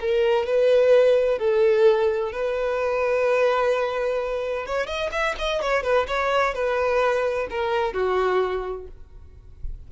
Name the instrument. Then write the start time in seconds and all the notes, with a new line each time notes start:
violin
0.00 A#4
0.46 B4
1.38 A4
2.32 B4
4.66 C#5
4.86 D#5
5.11 E5
5.38 D#5
5.61 C#5
5.83 B4
6.07 C#5
6.54 B4
7.50 A#4
7.93 F#4